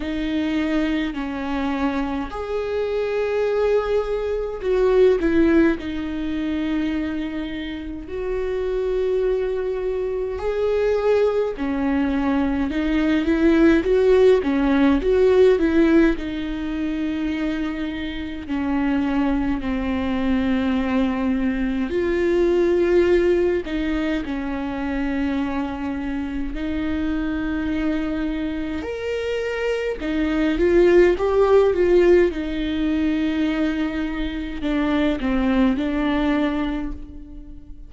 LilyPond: \new Staff \with { instrumentName = "viola" } { \time 4/4 \tempo 4 = 52 dis'4 cis'4 gis'2 | fis'8 e'8 dis'2 fis'4~ | fis'4 gis'4 cis'4 dis'8 e'8 | fis'8 cis'8 fis'8 e'8 dis'2 |
cis'4 c'2 f'4~ | f'8 dis'8 cis'2 dis'4~ | dis'4 ais'4 dis'8 f'8 g'8 f'8 | dis'2 d'8 c'8 d'4 | }